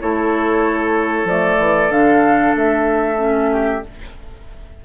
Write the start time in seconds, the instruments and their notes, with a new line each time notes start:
0.00 bassoon A3, clarinet E4, oboe A4, flute C#5
1.24 bassoon F3, clarinet A3, flute D5
1.58 bassoon E3
1.89 bassoon D3, clarinet D4, flute F5
2.55 bassoon A3, flute E5
3.16 clarinet C#4
3.52 oboe G4